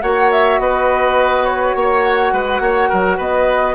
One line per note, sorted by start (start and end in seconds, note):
0.00 0.59 A#3
0.00 3.75 F#4
0.00 0.60 C#5
0.00 0.30 F#5
0.31 0.59 E5
0.59 1.74 B3
0.59 1.76 B4
0.59 1.44 D#5
1.44 2.02 C#5
1.75 2.32 A#3
1.75 2.33 C#5
2.03 3.19 F#5
2.32 2.60 G#3
2.32 2.62 B4
2.60 2.88 A#3
2.60 2.89 C#5
2.89 3.18 F#3
2.89 3.17 A#4
3.17 3.75 B3
3.17 3.74 B4
3.17 3.75 D#5